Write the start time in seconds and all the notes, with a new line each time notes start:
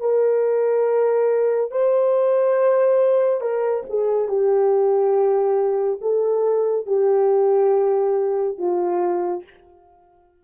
0.00 A#4
1.71 C5
3.41 A#4
3.89 G#4
4.28 G4
6.01 A4
6.86 G4
8.58 F4